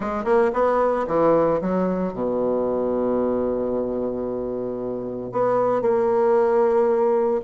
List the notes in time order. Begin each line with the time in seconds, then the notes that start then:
0.00 G#3
0.24 A#3
0.53 B3
1.07 E3
1.61 F#3
2.13 B2
5.32 B3
5.81 A#3